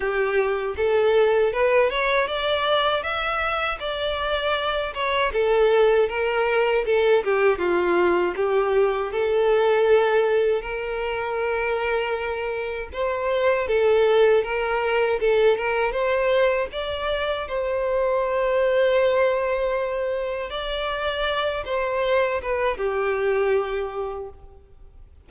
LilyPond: \new Staff \with { instrumentName = "violin" } { \time 4/4 \tempo 4 = 79 g'4 a'4 b'8 cis''8 d''4 | e''4 d''4. cis''8 a'4 | ais'4 a'8 g'8 f'4 g'4 | a'2 ais'2~ |
ais'4 c''4 a'4 ais'4 | a'8 ais'8 c''4 d''4 c''4~ | c''2. d''4~ | d''8 c''4 b'8 g'2 | }